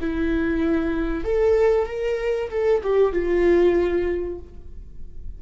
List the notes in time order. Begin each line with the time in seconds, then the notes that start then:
0.00 E4
1.24 A4
1.86 A#4
2.50 A4
2.82 G4
3.12 F4